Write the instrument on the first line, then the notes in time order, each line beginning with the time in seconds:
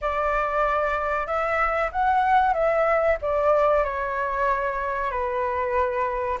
flute
0.01 D5
1.26 E5
1.92 F#5
2.53 E5
3.21 D5
3.84 C#5
5.11 B4